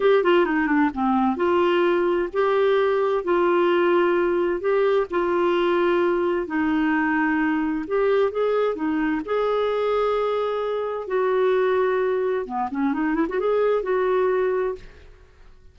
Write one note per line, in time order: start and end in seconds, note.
0.00 0.23 G4
0.23 0.45 F4
0.45 0.67 D#4
0.67 0.90 D4
0.94 1.36 C4
1.36 2.28 F4
2.32 3.23 G4
3.23 4.60 F4
4.60 5.06 G4
5.10 6.47 F4
6.47 7.85 D#4
7.87 8.31 G4
8.31 8.75 G#4
8.75 9.21 D#4
9.25 11.07 G#4
11.07 12.45 F#4
12.45 12.68 B3
12.71 12.93 C#4
12.93 13.14 D#4
13.14 13.26 E4
13.28 13.39 F#4
13.39 13.82 G#4
13.82 14.75 F#4